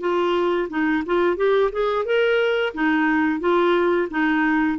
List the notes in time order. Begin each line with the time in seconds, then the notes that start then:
0.00 F4
0.69 D#4
1.06 F4
1.36 G4
1.72 G#4
2.05 A#4
2.74 D#4
3.40 F4
4.10 D#4